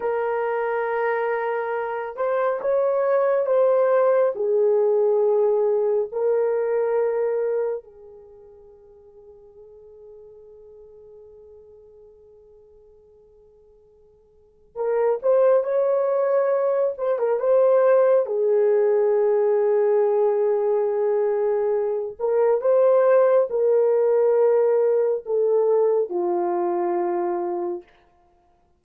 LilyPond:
\new Staff \with { instrumentName = "horn" } { \time 4/4 \tempo 4 = 69 ais'2~ ais'8 c''8 cis''4 | c''4 gis'2 ais'4~ | ais'4 gis'2.~ | gis'1~ |
gis'4 ais'8 c''8 cis''4. c''16 ais'16 | c''4 gis'2.~ | gis'4. ais'8 c''4 ais'4~ | ais'4 a'4 f'2 | }